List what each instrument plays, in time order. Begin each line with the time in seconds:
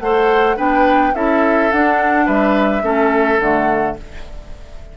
0.00 bassoon A3, clarinet A4, oboe C5, flute F#5
0.56 bassoon B3, clarinet D4, oboe B4, flute G5
1.14 bassoon C#4, clarinet E4, oboe A4, flute E5
1.72 bassoon D4, clarinet D4, flute F#5
2.26 bassoon G3, oboe B4, flute E5
2.82 bassoon A3, clarinet C#4, oboe A4
3.39 bassoon D3, clarinet A3, flute F#5